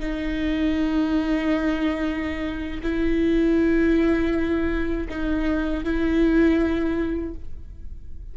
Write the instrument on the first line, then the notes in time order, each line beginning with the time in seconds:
viola
0.00 D#4
2.83 E4
5.09 D#4
5.85 E4